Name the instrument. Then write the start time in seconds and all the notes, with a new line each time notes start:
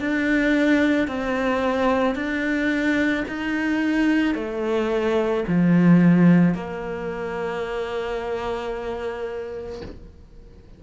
cello
0.00 D4
1.08 C4
2.15 D4
3.28 D#4
4.35 A3
5.47 F3
6.54 A#3